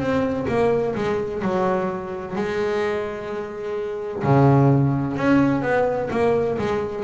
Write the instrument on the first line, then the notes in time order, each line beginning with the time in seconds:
double bass
0.00 C4
0.48 A#3
0.95 G#3
1.42 F#3
2.36 G#3
4.24 C#3
5.17 C#4
5.62 B3
6.11 A#3
6.59 G#3